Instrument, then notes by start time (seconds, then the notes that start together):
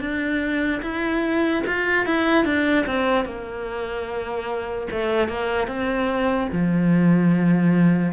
cello
0.00 D4
0.82 E4
1.67 F4
2.06 E4
2.45 D4
2.86 C4
3.25 A#3
4.91 A3
5.28 A#3
5.67 C4
6.52 F3